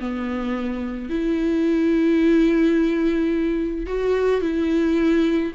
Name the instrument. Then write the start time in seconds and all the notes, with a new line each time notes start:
viola
0.00 B3
1.10 E4
3.87 F#4
4.41 E4